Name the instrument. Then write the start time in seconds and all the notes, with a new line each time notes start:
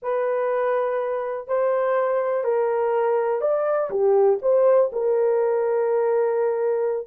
horn
0.02 B4
1.47 C5
2.44 A#4
3.41 D5
3.90 G4
4.41 C5
4.92 A#4